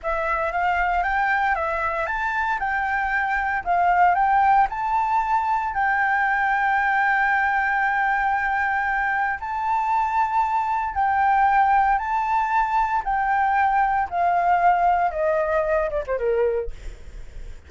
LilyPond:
\new Staff \with { instrumentName = "flute" } { \time 4/4 \tempo 4 = 115 e''4 f''4 g''4 e''4 | a''4 g''2 f''4 | g''4 a''2 g''4~ | g''1~ |
g''2 a''2~ | a''4 g''2 a''4~ | a''4 g''2 f''4~ | f''4 dis''4. d''16 c''16 ais'4 | }